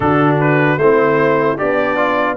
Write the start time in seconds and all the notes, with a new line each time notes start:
0.00 D3 D4 F#4 A4
0.39 B4
0.76 A3 C4 E4 C5
1.57 B3 D4 G4 D5
1.97 F4